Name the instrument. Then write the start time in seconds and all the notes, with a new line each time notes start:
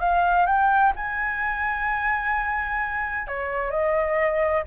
flute
0.00 F5
0.47 G5
0.96 G#5
3.28 C#5
3.71 D#5